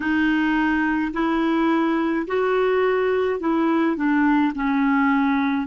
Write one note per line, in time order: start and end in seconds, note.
0.00 1.12 D#4
1.13 2.26 E4
2.26 3.40 F#4
3.40 3.96 E4
3.96 4.53 D4
4.54 5.67 C#4